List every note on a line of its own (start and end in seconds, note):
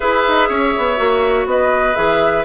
0.00 0.27 E4
0.00 0.96 G#4
0.00 0.48 B4
0.00 1.47 E5
0.27 0.49 D#4
0.48 0.74 C#4
0.48 1.47 C#5
0.77 0.99 B3
0.96 1.45 A#3
0.96 1.94 F#4
1.45 1.94 B3
1.45 2.45 B4
1.45 1.95 D#5
1.94 2.45 E3
1.94 2.43 G#4
1.94 2.44 E5